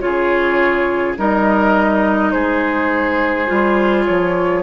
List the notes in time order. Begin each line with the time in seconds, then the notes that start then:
0.00 C#3 F4 G#4 C#5
1.17 G3 D#4 A#4 D#5
2.31 G#3 G#4 C5
3.47 G3 F4
4.06 F3 C#5